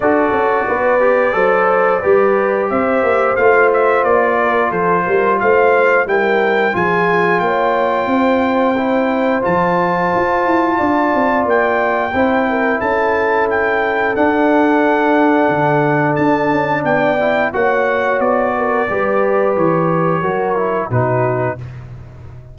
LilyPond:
<<
  \new Staff \with { instrumentName = "trumpet" } { \time 4/4 \tempo 4 = 89 d''1 | e''4 f''8 e''8 d''4 c''4 | f''4 g''4 gis''4 g''4~ | g''2 a''2~ |
a''4 g''2 a''4 | g''4 fis''2. | a''4 g''4 fis''4 d''4~ | d''4 cis''2 b'4 | }
  \new Staff \with { instrumentName = "horn" } { \time 4/4 a'4 b'4 c''4 b'4 | c''2~ c''8 ais'8 a'8 ais'8 | c''4 ais'4 gis'4 cis''4 | c''1 |
d''2 c''8 ais'8 a'4~ | a'1~ | a'4 d''4 cis''4. ais'8 | b'2 ais'4 fis'4 | }
  \new Staff \with { instrumentName = "trombone" } { \time 4/4 fis'4. g'8 a'4 g'4~ | g'4 f'2.~ | f'4 e'4 f'2~ | f'4 e'4 f'2~ |
f'2 e'2~ | e'4 d'2.~ | d'4. e'8 fis'2 | g'2 fis'8 e'8 dis'4 | }
  \new Staff \with { instrumentName = "tuba" } { \time 4/4 d'8 cis'8 b4 fis4 g4 | c'8 ais8 a4 ais4 f8 g8 | a4 g4 f4 ais4 | c'2 f4 f'8 e'8 |
d'8 c'8 ais4 c'4 cis'4~ | cis'4 d'2 d4 | d'8 cis'8 b4 ais4 b4 | g4 e4 fis4 b,4 | }
>>